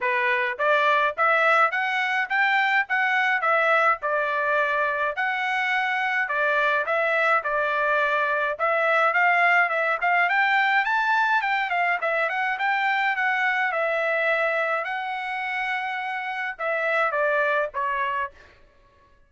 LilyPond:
\new Staff \with { instrumentName = "trumpet" } { \time 4/4 \tempo 4 = 105 b'4 d''4 e''4 fis''4 | g''4 fis''4 e''4 d''4~ | d''4 fis''2 d''4 | e''4 d''2 e''4 |
f''4 e''8 f''8 g''4 a''4 | g''8 f''8 e''8 fis''8 g''4 fis''4 | e''2 fis''2~ | fis''4 e''4 d''4 cis''4 | }